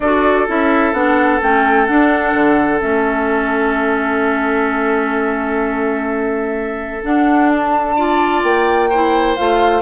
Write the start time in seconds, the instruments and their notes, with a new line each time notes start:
0.00 bassoon D4, clarinet F#4, oboe A4, flute D5
0.47 bassoon C#4, clarinet E4, flute E5
0.92 bassoon B3, clarinet D4, flute F#5
1.41 bassoon A3, clarinet C#4, flute G5
1.86 clarinet D4, bassoon D4, flute F#5
2.33 bassoon D3
2.79 bassoon A3, clarinet C#4, flute E5
7.02 clarinet D4, bassoon D4, flute F#5
7.48 flute A5
7.96 clarinet F4, oboe D5
8.43 bassoon A#3, flute G5
8.89 clarinet E4, oboe C5
9.35 bassoon A3, clarinet F4, flute F5